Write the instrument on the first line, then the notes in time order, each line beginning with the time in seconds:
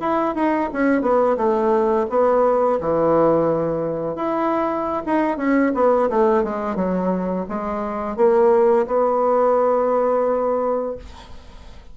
bassoon
0.00 E4
0.35 D#4
0.73 C#4
1.02 B3
1.37 A3
2.10 B3
2.81 E3
4.16 E4
5.06 D#4
5.38 C#4
5.75 B3
6.10 A3
6.44 G#3
6.76 F#3
7.49 G#3
8.17 A#3
8.87 B3